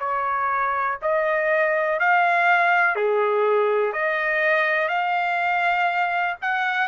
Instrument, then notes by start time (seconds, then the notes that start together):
trumpet
0.00 C#5
1.02 D#5
2.00 F5
2.96 G#4
3.93 D#5
4.89 F5
6.42 F#5